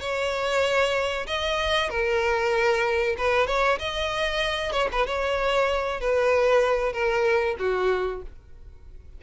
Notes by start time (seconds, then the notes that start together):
0.00 C#5
1.27 D#5
1.90 A#4
3.18 B4
3.47 C#5
3.79 D#5
4.72 C#5
4.92 B4
5.06 C#5
6.00 B4
6.93 A#4
7.59 F#4